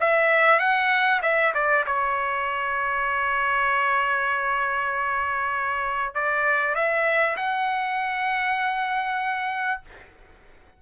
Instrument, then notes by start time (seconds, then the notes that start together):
trumpet
0.00 E5
0.59 F#5
1.22 E5
1.54 D5
1.86 C#5
6.14 D5
6.74 E5
7.36 F#5